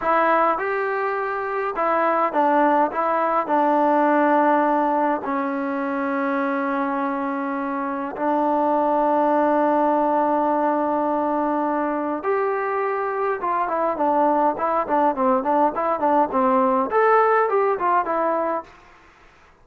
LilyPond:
\new Staff \with { instrumentName = "trombone" } { \time 4/4 \tempo 4 = 103 e'4 g'2 e'4 | d'4 e'4 d'2~ | d'4 cis'2.~ | cis'2 d'2~ |
d'1~ | d'4 g'2 f'8 e'8 | d'4 e'8 d'8 c'8 d'8 e'8 d'8 | c'4 a'4 g'8 f'8 e'4 | }